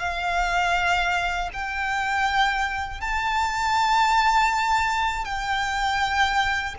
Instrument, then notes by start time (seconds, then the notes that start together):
violin
0.00 F5
1.54 G5
3.01 A5
5.25 G5